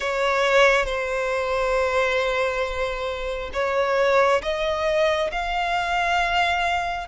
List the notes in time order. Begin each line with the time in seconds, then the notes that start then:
0.00 C#5
0.85 C5
3.53 C#5
4.42 D#5
5.31 F5